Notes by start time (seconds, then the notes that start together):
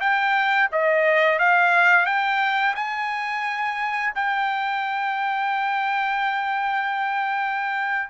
0.00 G5
0.72 D#5
1.39 F5
2.05 G5
2.75 G#5
4.15 G5